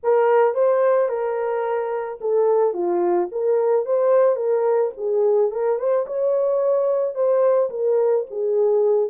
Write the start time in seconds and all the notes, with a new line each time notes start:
0.03 A#4
0.54 C5
1.08 A#4
2.20 A4
2.73 F4
3.31 A#4
3.85 C5
4.36 A#4
4.97 G#4
5.51 A#4
5.78 C5
6.06 C#5
7.14 C5
7.70 A#4
8.30 G#4